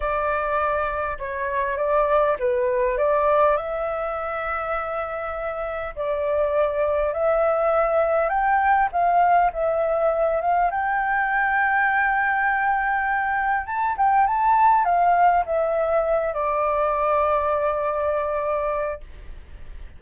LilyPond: \new Staff \with { instrumentName = "flute" } { \time 4/4 \tempo 4 = 101 d''2 cis''4 d''4 | b'4 d''4 e''2~ | e''2 d''2 | e''2 g''4 f''4 |
e''4. f''8 g''2~ | g''2. a''8 g''8 | a''4 f''4 e''4. d''8~ | d''1 | }